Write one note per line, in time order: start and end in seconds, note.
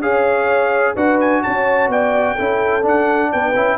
0.00 0.94 C#4
0.00 0.96 G#4
0.00 0.95 C#5
0.00 0.96 F5
0.95 1.43 D4
0.95 2.38 F#4
0.95 1.42 B4
0.95 1.20 F#5
1.20 1.43 G#5
1.43 1.88 C#4
1.43 1.91 C#5
1.43 1.90 A5
1.88 2.35 B3
1.88 2.35 D5
1.88 2.85 G5
2.35 2.85 C#4
2.35 2.81 E4
2.35 3.29 A4
2.81 3.52 D4
2.81 3.32 D4
2.81 3.32 F#5
3.31 3.56 B3
3.31 3.77 B4
3.31 3.77 G5
3.55 3.77 C#4
3.55 3.77 E4